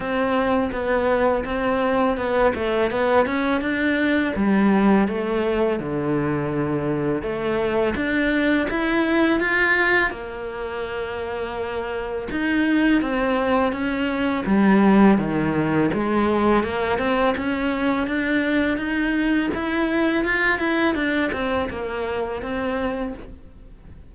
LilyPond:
\new Staff \with { instrumentName = "cello" } { \time 4/4 \tempo 4 = 83 c'4 b4 c'4 b8 a8 | b8 cis'8 d'4 g4 a4 | d2 a4 d'4 | e'4 f'4 ais2~ |
ais4 dis'4 c'4 cis'4 | g4 dis4 gis4 ais8 c'8 | cis'4 d'4 dis'4 e'4 | f'8 e'8 d'8 c'8 ais4 c'4 | }